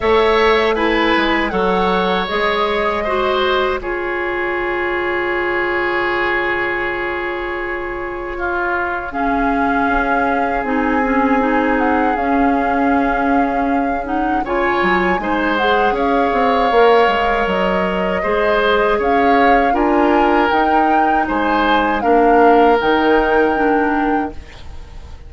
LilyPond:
<<
  \new Staff \with { instrumentName = "flute" } { \time 4/4 \tempo 4 = 79 e''4 gis''4 fis''4 dis''4~ | dis''4 cis''2.~ | cis''1 | f''2 gis''4. fis''8 |
f''2~ f''8 fis''8 gis''4~ | gis''8 fis''8 f''2 dis''4~ | dis''4 f''4 gis''4 g''4 | gis''4 f''4 g''2 | }
  \new Staff \with { instrumentName = "oboe" } { \time 4/4 cis''4 b'4 cis''2 | c''4 gis'2.~ | gis'2. f'4 | gis'1~ |
gis'2. cis''4 | c''4 cis''2. | c''4 cis''4 ais'2 | c''4 ais'2. | }
  \new Staff \with { instrumentName = "clarinet" } { \time 4/4 a'4 e'4 a'4 gis'4 | fis'4 f'2.~ | f'1 | cis'2 dis'8 cis'8 dis'4 |
cis'2~ cis'8 dis'8 f'4 | dis'8 gis'4. ais'2 | gis'2 f'4 dis'4~ | dis'4 d'4 dis'4 d'4 | }
  \new Staff \with { instrumentName = "bassoon" } { \time 4/4 a4. gis8 fis4 gis4~ | gis4 cis2.~ | cis1~ | cis4 cis'4 c'2 |
cis'2. cis8 fis8 | gis4 cis'8 c'8 ais8 gis8 fis4 | gis4 cis'4 d'4 dis'4 | gis4 ais4 dis2 | }
>>